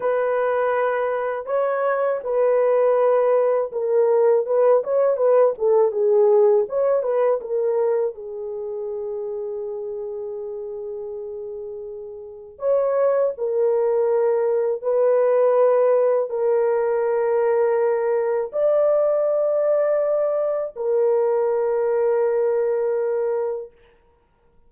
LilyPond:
\new Staff \with { instrumentName = "horn" } { \time 4/4 \tempo 4 = 81 b'2 cis''4 b'4~ | b'4 ais'4 b'8 cis''8 b'8 a'8 | gis'4 cis''8 b'8 ais'4 gis'4~ | gis'1~ |
gis'4 cis''4 ais'2 | b'2 ais'2~ | ais'4 d''2. | ais'1 | }